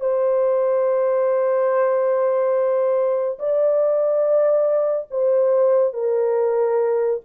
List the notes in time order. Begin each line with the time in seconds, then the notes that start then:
0.00 C5
3.38 D5
5.10 C5
5.93 A#4